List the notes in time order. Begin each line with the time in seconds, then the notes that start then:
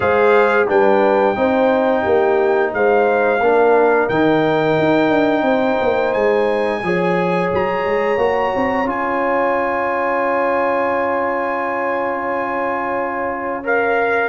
0.00 G#3 G#4 C5 F5
0.68 G3 D4 B4 G5
1.35 C4 D#4 C5
2.02 A#3 G4
2.73 G#3 C5 F5
3.40 A#3 D4 A#4
4.09 D#3 D#4 G5
4.78 D#4
5.09 D4
5.41 C4 C5
5.81 A#3
6.13 G#3 G#5
6.83 F3 G#4 C#5
7.53 F#3 A#5
7.85 G#3
8.17 A#3 F#4
8.55 C4
8.85 C#4 F4 G#5
13.63 A#4 F5